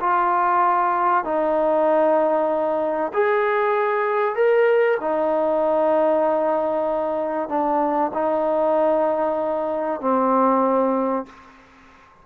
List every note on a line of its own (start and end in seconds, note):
0.00 1.24 F4
1.24 3.12 D#4
3.13 4.35 G#4
4.35 4.97 A#4
5.00 7.49 D#4
7.49 8.11 D4
8.13 10.01 D#4
10.01 11.26 C4